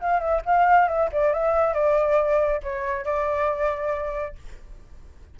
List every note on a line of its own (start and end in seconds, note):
0.00 0.20 F5
0.20 0.41 E5
0.45 0.88 F5
0.88 1.09 E5
1.12 1.33 D5
1.33 1.74 E5
1.74 2.61 D5
2.63 3.05 C#5
3.05 4.35 D5